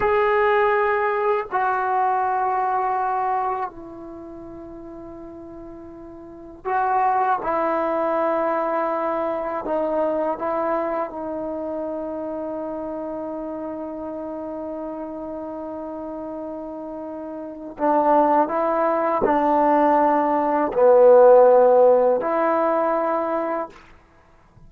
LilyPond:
\new Staff \with { instrumentName = "trombone" } { \time 4/4 \tempo 4 = 81 gis'2 fis'2~ | fis'4 e'2.~ | e'4 fis'4 e'2~ | e'4 dis'4 e'4 dis'4~ |
dis'1~ | dis'1 | d'4 e'4 d'2 | b2 e'2 | }